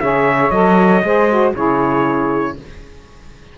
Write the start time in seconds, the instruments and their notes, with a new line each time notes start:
0.00 cello C#3, saxophone G#4 C#5, trumpet E5
0.51 cello F#3, saxophone A4, trumpet D#5
1.03 cello G#3, saxophone G#4 C5
1.29 saxophone F#4
1.54 cello C#3, saxophone E4 G#4, trumpet C#5